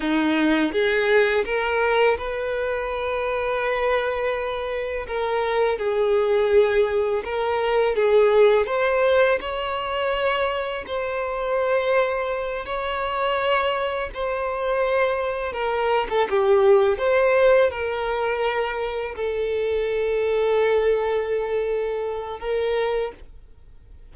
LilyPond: \new Staff \with { instrumentName = "violin" } { \time 4/4 \tempo 4 = 83 dis'4 gis'4 ais'4 b'4~ | b'2. ais'4 | gis'2 ais'4 gis'4 | c''4 cis''2 c''4~ |
c''4. cis''2 c''8~ | c''4. ais'8. a'16 g'4 c''8~ | c''8 ais'2 a'4.~ | a'2. ais'4 | }